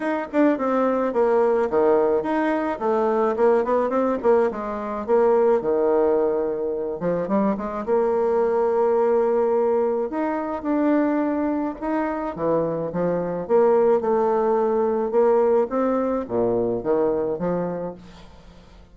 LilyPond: \new Staff \with { instrumentName = "bassoon" } { \time 4/4 \tempo 4 = 107 dis'8 d'8 c'4 ais4 dis4 | dis'4 a4 ais8 b8 c'8 ais8 | gis4 ais4 dis2~ | dis8 f8 g8 gis8 ais2~ |
ais2 dis'4 d'4~ | d'4 dis'4 e4 f4 | ais4 a2 ais4 | c'4 ais,4 dis4 f4 | }